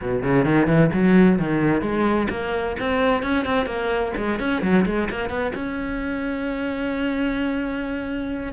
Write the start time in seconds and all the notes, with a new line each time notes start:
0.01 B2
0.22 C#3
0.44 D#3
0.67 E3
0.93 F#3
1.38 D#3
1.81 G#3
2.30 A#3
2.79 C4
3.22 C#4
3.45 C4
3.66 A#3
4.16 G#3
4.39 C#4
4.62 F#3
4.85 G#3
5.09 A#3
5.29 B3
5.54 C#4